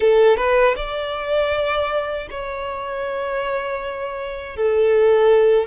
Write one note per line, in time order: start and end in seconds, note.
0.00 0.36 A4
0.36 0.74 B4
0.76 2.28 D5
2.30 4.56 C#5
4.56 5.67 A4